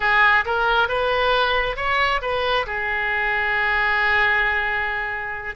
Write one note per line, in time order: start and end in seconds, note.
0.00 0.44 G#4
0.45 0.88 A#4
0.88 1.76 B4
1.76 2.21 C#5
2.21 2.66 B4
2.66 5.55 G#4